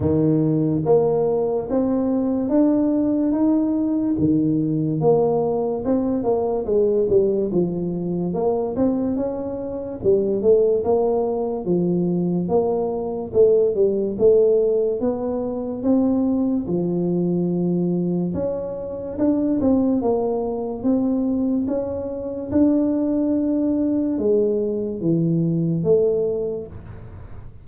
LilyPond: \new Staff \with { instrumentName = "tuba" } { \time 4/4 \tempo 4 = 72 dis4 ais4 c'4 d'4 | dis'4 dis4 ais4 c'8 ais8 | gis8 g8 f4 ais8 c'8 cis'4 | g8 a8 ais4 f4 ais4 |
a8 g8 a4 b4 c'4 | f2 cis'4 d'8 c'8 | ais4 c'4 cis'4 d'4~ | d'4 gis4 e4 a4 | }